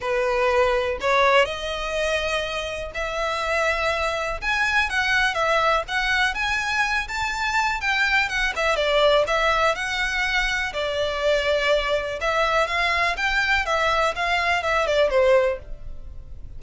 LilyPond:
\new Staff \with { instrumentName = "violin" } { \time 4/4 \tempo 4 = 123 b'2 cis''4 dis''4~ | dis''2 e''2~ | e''4 gis''4 fis''4 e''4 | fis''4 gis''4. a''4. |
g''4 fis''8 e''8 d''4 e''4 | fis''2 d''2~ | d''4 e''4 f''4 g''4 | e''4 f''4 e''8 d''8 c''4 | }